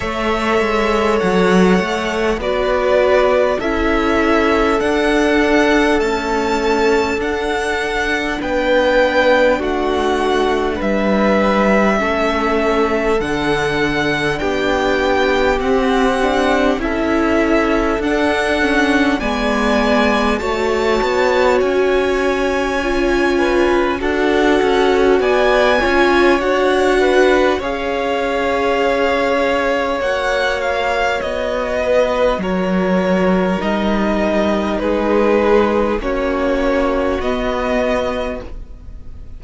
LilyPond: <<
  \new Staff \with { instrumentName = "violin" } { \time 4/4 \tempo 4 = 50 e''4 fis''4 d''4 e''4 | fis''4 a''4 fis''4 g''4 | fis''4 e''2 fis''4 | g''4 fis''4 e''4 fis''4 |
gis''4 a''4 gis''2 | fis''4 gis''4 fis''4 f''4~ | f''4 fis''8 f''8 dis''4 cis''4 | dis''4 b'4 cis''4 dis''4 | }
  \new Staff \with { instrumentName = "violin" } { \time 4/4 cis''2 b'4 a'4~ | a'2. b'4 | fis'4 b'4 a'2 | g'2 a'2 |
d''4 cis''2~ cis''8 b'8 | a'4 d''8 cis''4 b'8 cis''4~ | cis''2~ cis''8 b'8 ais'4~ | ais'4 gis'4 fis'2 | }
  \new Staff \with { instrumentName = "viola" } { \time 4/4 a'2 fis'4 e'4 | d'4 a4 d'2~ | d'2 cis'4 d'4~ | d'4 c'8 d'8 e'4 d'8 cis'8 |
b4 fis'2 f'4 | fis'4. f'8 fis'4 gis'4~ | gis'4 fis'2. | dis'2 cis'4 b4 | }
  \new Staff \with { instrumentName = "cello" } { \time 4/4 a8 gis8 fis8 a8 b4 cis'4 | d'4 cis'4 d'4 b4 | a4 g4 a4 d4 | b4 c'4 cis'4 d'4 |
gis4 a8 b8 cis'2 | d'8 cis'8 b8 cis'8 d'4 cis'4~ | cis'4 ais4 b4 fis4 | g4 gis4 ais4 b4 | }
>>